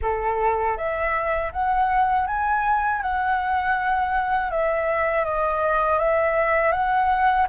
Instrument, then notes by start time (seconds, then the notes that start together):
flute
0.02 A4
0.77 E5
1.52 F#5
2.26 G#5
3.01 F#5
4.50 E5
5.25 D#5
5.99 E5
6.72 F#5